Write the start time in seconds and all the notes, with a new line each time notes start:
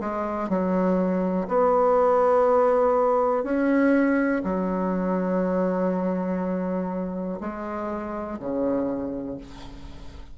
0.00 G#3
0.49 F#3
1.48 B3
3.43 C#4
4.44 F#3
7.40 G#3
8.39 C#3